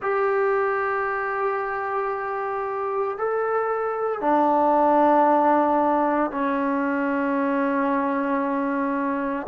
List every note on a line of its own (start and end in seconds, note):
0.02 3.17 G4
3.17 4.21 A4
4.21 6.31 D4
6.31 9.46 C#4